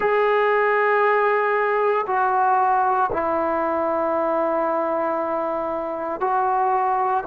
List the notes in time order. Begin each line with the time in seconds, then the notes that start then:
0.00 G#4
2.06 F#4
3.12 E4
6.20 F#4